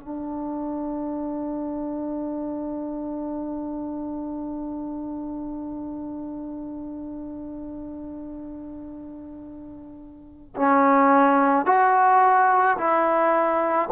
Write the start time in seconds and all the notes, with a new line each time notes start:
0.00 D4
10.57 C#4
11.66 F#4
12.78 E4